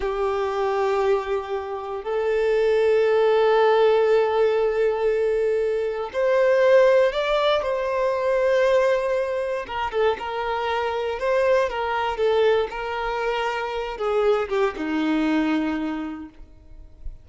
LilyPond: \new Staff \with { instrumentName = "violin" } { \time 4/4 \tempo 4 = 118 g'1 | a'1~ | a'1 | c''2 d''4 c''4~ |
c''2. ais'8 a'8 | ais'2 c''4 ais'4 | a'4 ais'2~ ais'8 gis'8~ | gis'8 g'8 dis'2. | }